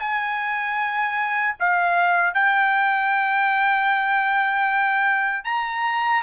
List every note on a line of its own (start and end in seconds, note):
0.00 1.56 G#5
1.60 2.34 F5
2.34 5.45 G5
5.45 6.23 A#5